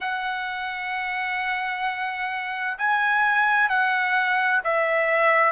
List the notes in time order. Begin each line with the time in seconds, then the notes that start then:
0.00 F#5
2.77 G#5
3.69 F#5
4.64 E5